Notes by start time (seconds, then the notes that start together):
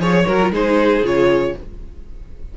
0.00 F3 G#4 C#5
0.27 F#3 F#4 A#4
0.42 F4
0.51 G#3 D#4 G#4 C5
1.03 C#3 F4 C#5